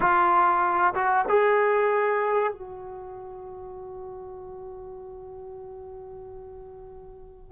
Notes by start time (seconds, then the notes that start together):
0.00 F4
0.94 F#4
1.28 G#4
2.52 F#4